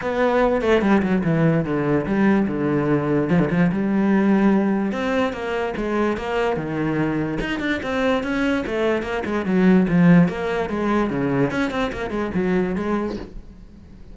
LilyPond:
\new Staff \with { instrumentName = "cello" } { \time 4/4 \tempo 4 = 146 b4. a8 g8 fis8 e4 | d4 g4 d2 | f16 d16 f8 g2. | c'4 ais4 gis4 ais4 |
dis2 dis'8 d'8 c'4 | cis'4 a4 ais8 gis8 fis4 | f4 ais4 gis4 cis4 | cis'8 c'8 ais8 gis8 fis4 gis4 | }